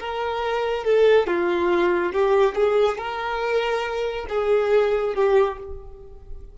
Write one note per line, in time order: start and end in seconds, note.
0.00 0.85 A#4
0.85 1.27 A4
1.28 2.13 F4
2.13 2.55 G4
2.55 2.98 G#4
2.98 4.27 A#4
4.30 5.15 G#4
5.15 5.58 G4